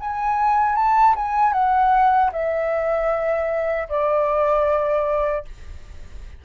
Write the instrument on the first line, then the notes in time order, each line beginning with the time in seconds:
flute
0.00 G#5
0.76 A5
1.15 G#5
1.53 F#5
2.32 E5
3.89 D5